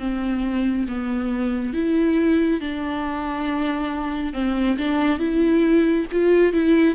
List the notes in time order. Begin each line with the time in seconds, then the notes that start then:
0.00 C4
0.88 B3
1.74 E4
2.61 D4
4.34 C4
4.78 D4
5.20 E4
6.12 F4
6.53 E4